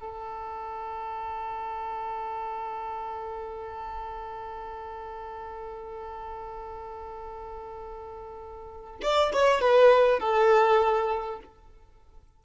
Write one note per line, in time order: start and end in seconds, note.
0.00 9.00 A4
9.02 9.32 D5
9.32 9.61 C#5
9.61 10.19 B4
10.19 11.39 A4